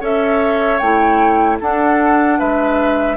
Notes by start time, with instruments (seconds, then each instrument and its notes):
0.00 bassoon C#4, clarinet A4, oboe C#5, flute E5
0.79 bassoon A3, clarinet E4, flute G5
1.60 clarinet D4, bassoon D4, oboe A4, flute F#5
2.39 bassoon G#3, oboe B4, flute E5